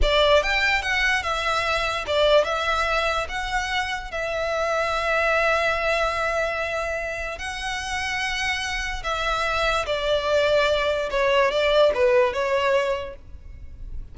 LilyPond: \new Staff \with { instrumentName = "violin" } { \time 4/4 \tempo 4 = 146 d''4 g''4 fis''4 e''4~ | e''4 d''4 e''2 | fis''2 e''2~ | e''1~ |
e''2 fis''2~ | fis''2 e''2 | d''2. cis''4 | d''4 b'4 cis''2 | }